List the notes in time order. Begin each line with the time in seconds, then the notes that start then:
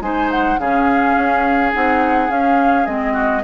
0.00 G#3 D#4 C5 G#5
0.30 F#5
0.58 C#3 C#4 G#4 F5
1.16 C#4
1.72 C4 D#4 F#5
2.29 C#4 F5
2.85 G#3 C4 D#5
3.13 F#4